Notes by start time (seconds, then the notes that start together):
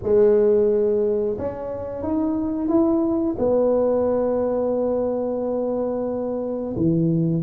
0.02 G#3
1.38 C#4
2.02 D#4
2.68 E4
3.38 B3
6.76 E3